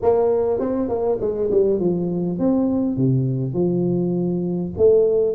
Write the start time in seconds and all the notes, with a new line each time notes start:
0.01 A#3
0.59 C4
0.88 A#3
1.20 G#3
1.50 G3
1.79 F3
2.38 C4
2.96 C3
3.53 F3
4.77 A3